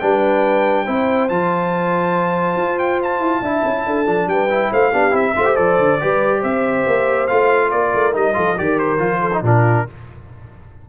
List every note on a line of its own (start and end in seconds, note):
0.00 0.88 G3
0.00 0.87 D4
0.00 0.85 B4
0.00 1.29 G5
0.85 1.30 C4
0.85 1.29 E4
0.85 3.42 C5
1.29 2.56 F3
1.29 3.44 F4
1.29 2.79 A5
2.56 3.20 F4
2.79 3.01 G5
3.03 4.29 A5
3.20 3.41 E4
3.42 3.63 D4
3.42 4.06 E4
3.42 3.86 E5
3.65 3.86 C#4
3.86 4.07 D4
3.86 4.30 A4
4.06 4.27 F3
4.06 4.49 D4
4.27 4.70 G3
4.27 4.72 B4
4.27 4.72 G5
4.50 4.93 E4
4.72 4.93 A3
4.72 4.91 C5
4.72 5.16 F5
4.91 5.13 B3
4.91 5.11 D4
4.91 5.34 G4
5.11 5.35 C4
5.11 5.33 E4
5.11 5.56 E5
5.36 5.58 A3
5.36 5.45 F4
5.36 6.02 C5
5.45 5.56 G4
5.56 5.79 F3
5.56 5.99 A4
5.56 6.42 D5
5.79 6.00 D3
6.00 6.43 G3
6.00 7.29 G4
6.00 6.40 B4
6.40 6.86 C4
6.40 7.68 C5
6.40 7.28 E5
6.87 7.29 A#3
7.28 7.72 A3
7.28 8.13 F4
7.28 7.70 F5
7.71 7.94 A#3
7.71 8.36 A#4
7.71 8.14 D5
7.94 8.15 A3
8.13 8.37 G3
8.13 8.34 D#4
8.13 8.59 D#5
8.34 8.59 F3
8.34 8.55 F4
8.34 8.57 A4
8.57 9.00 D#3
8.57 8.99 G4
8.57 9.21 A#4
8.57 8.79 D5
8.79 9.43 C5
8.99 9.42 F3
8.99 9.31 F4
9.21 9.42 A4
9.33 9.44 D#4
9.42 9.85 A#2
9.42 9.87 D4
9.42 9.87 F4
9.42 9.90 A#4